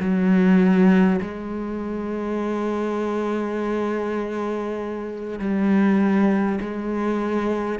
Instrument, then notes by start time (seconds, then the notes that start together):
cello
0.00 F#3
1.22 G#3
5.39 G3
6.61 G#3